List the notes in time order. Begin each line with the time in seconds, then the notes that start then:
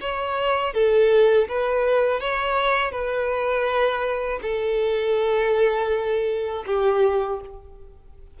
0.00 C#5
0.73 A4
1.48 B4
2.20 C#5
2.91 B4
4.42 A4
6.66 G4